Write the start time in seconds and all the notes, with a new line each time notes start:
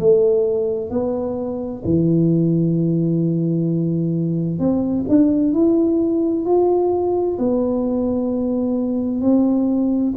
0.00 A3
0.91 B3
1.85 E3
4.59 C4
5.09 D4
5.53 E4
6.46 F4
7.39 B3
9.21 C4